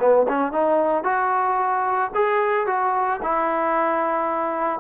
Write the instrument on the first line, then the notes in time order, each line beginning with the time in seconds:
trombone
0.00 B3
0.29 C#4
0.53 D#4
1.04 F#4
2.15 G#4
2.67 F#4
3.23 E4